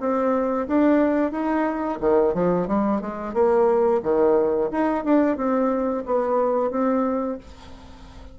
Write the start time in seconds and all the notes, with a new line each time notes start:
0.00 C4
0.68 D4
1.31 D#4
2.00 D#3
2.34 F3
2.68 G3
3.01 G#3
3.34 A#3
4.03 D#3
4.71 D#4
5.04 D4
5.37 C4
6.06 B3
6.70 C4